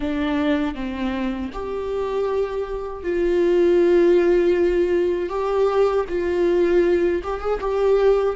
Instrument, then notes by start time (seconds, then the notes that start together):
viola
0.00 D4
0.75 C4
1.52 G4
3.03 F4
5.29 G4
6.08 F4
7.23 G4
7.40 G#4
7.60 G4